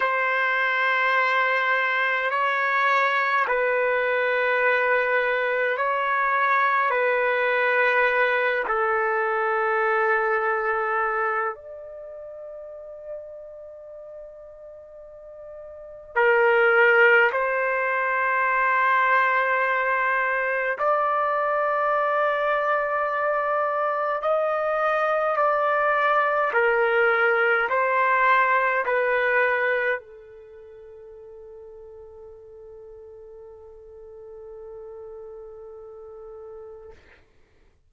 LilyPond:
\new Staff \with { instrumentName = "trumpet" } { \time 4/4 \tempo 4 = 52 c''2 cis''4 b'4~ | b'4 cis''4 b'4. a'8~ | a'2 d''2~ | d''2 ais'4 c''4~ |
c''2 d''2~ | d''4 dis''4 d''4 ais'4 | c''4 b'4 a'2~ | a'1 | }